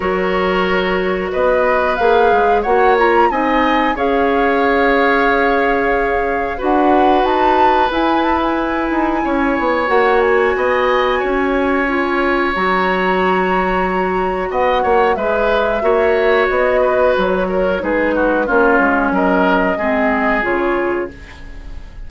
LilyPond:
<<
  \new Staff \with { instrumentName = "flute" } { \time 4/4 \tempo 4 = 91 cis''2 dis''4 f''4 | fis''8 ais''8 gis''4 f''2~ | f''2 fis''4 a''4 | gis''8 a''16 gis''2~ gis''16 fis''8 gis''8~ |
gis''2. ais''4~ | ais''2 fis''4 e''4~ | e''4 dis''4 cis''4 b'4 | cis''4 dis''2 cis''4 | }
  \new Staff \with { instrumentName = "oboe" } { \time 4/4 ais'2 b'2 | cis''4 dis''4 cis''2~ | cis''2 b'2~ | b'2 cis''2 |
dis''4 cis''2.~ | cis''2 dis''8 cis''8 b'4 | cis''4. b'4 ais'8 gis'8 fis'8 | f'4 ais'4 gis'2 | }
  \new Staff \with { instrumentName = "clarinet" } { \time 4/4 fis'2. gis'4 | fis'8 f'8 dis'4 gis'2~ | gis'2 fis'2 | e'2. fis'4~ |
fis'2 f'4 fis'4~ | fis'2. gis'4 | fis'2. dis'4 | cis'2 c'4 f'4 | }
  \new Staff \with { instrumentName = "bassoon" } { \time 4/4 fis2 b4 ais8 gis8 | ais4 c'4 cis'2~ | cis'2 d'4 dis'4 | e'4. dis'8 cis'8 b8 ais4 |
b4 cis'2 fis4~ | fis2 b8 ais8 gis4 | ais4 b4 fis4 gis4 | ais8 gis8 fis4 gis4 cis4 | }
>>